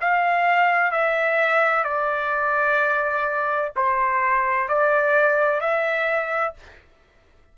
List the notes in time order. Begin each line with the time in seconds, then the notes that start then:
0.00 F5
0.91 E5
1.84 D5
3.76 C5
4.68 D5
5.60 E5